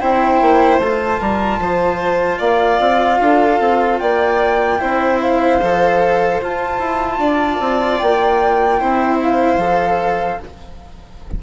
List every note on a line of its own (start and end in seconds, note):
0.00 0.42 C4
0.00 0.81 E4
0.00 1.20 C5
0.00 0.80 G5
0.42 0.79 A#3
0.79 1.19 A3
0.79 4.80 F4
0.79 2.41 A5
1.20 1.60 G3
1.20 1.60 A#4
1.60 2.40 F3
1.60 2.39 C5
2.39 2.80 A#3
2.39 3.19 D5
2.39 3.99 F5
2.80 3.20 C4
3.21 3.60 D4
3.21 4.01 A4
3.60 4.00 C4
3.99 4.82 A#3
3.99 4.81 D5
3.99 5.19 G5
4.80 5.62 C4
4.80 5.60 E4
4.80 7.20 C5
5.22 6.42 F5
5.62 6.41 F3
5.62 6.42 A4
6.41 6.80 F4
6.41 8.80 F4
6.41 7.99 A5
6.80 7.19 E4
7.19 7.59 D4
7.19 8.80 D5
7.60 8.00 C4
7.99 8.82 A#3
7.99 9.19 G5
8.80 9.58 C4
8.80 9.60 E4
8.80 10.40 C5
9.23 10.43 F5
9.58 10.38 F3
9.58 10.40 A4